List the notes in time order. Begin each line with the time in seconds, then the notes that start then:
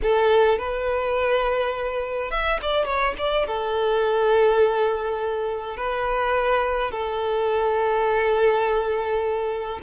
0.02 A4
0.58 B4
2.31 E5
2.62 D5
2.85 C#5
3.18 D5
3.46 A4
5.76 B4
6.91 A4